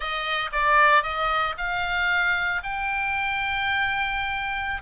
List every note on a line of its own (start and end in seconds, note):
0.00 0.50 D#5
0.52 1.03 D5
1.03 1.55 D#5
1.57 2.62 F5
2.63 4.82 G5